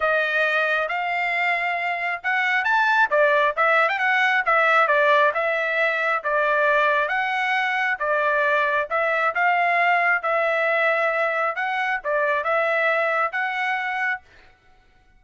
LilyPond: \new Staff \with { instrumentName = "trumpet" } { \time 4/4 \tempo 4 = 135 dis''2 f''2~ | f''4 fis''4 a''4 d''4 | e''8. g''16 fis''4 e''4 d''4 | e''2 d''2 |
fis''2 d''2 | e''4 f''2 e''4~ | e''2 fis''4 d''4 | e''2 fis''2 | }